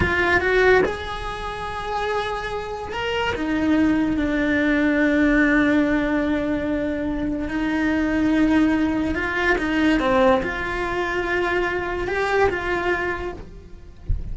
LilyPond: \new Staff \with { instrumentName = "cello" } { \time 4/4 \tempo 4 = 144 f'4 fis'4 gis'2~ | gis'2. ais'4 | dis'2 d'2~ | d'1~ |
d'2 dis'2~ | dis'2 f'4 dis'4 | c'4 f'2.~ | f'4 g'4 f'2 | }